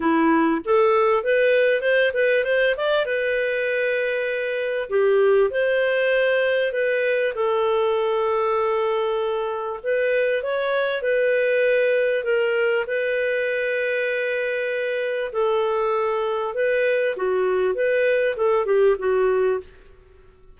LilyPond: \new Staff \with { instrumentName = "clarinet" } { \time 4/4 \tempo 4 = 98 e'4 a'4 b'4 c''8 b'8 | c''8 d''8 b'2. | g'4 c''2 b'4 | a'1 |
b'4 cis''4 b'2 | ais'4 b'2.~ | b'4 a'2 b'4 | fis'4 b'4 a'8 g'8 fis'4 | }